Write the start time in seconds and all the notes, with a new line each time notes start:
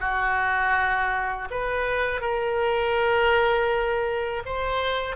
0.00 F#4
1.51 B4
2.21 A#4
4.45 C5